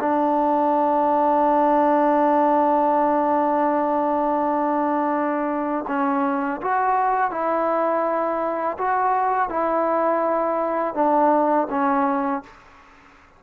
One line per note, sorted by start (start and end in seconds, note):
0.00 5.85 D4
5.88 6.61 C#4
6.62 7.31 F#4
7.31 8.78 E4
8.78 9.50 F#4
9.50 10.95 E4
10.95 11.68 D4
11.70 12.44 C#4